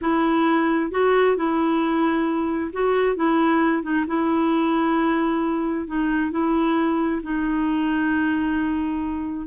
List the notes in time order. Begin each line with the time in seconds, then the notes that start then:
0.01 E4
0.91 F#4
1.36 E4
2.72 F#4
3.16 E4
3.82 D#4
4.07 E4
5.87 D#4
6.31 E4
7.22 D#4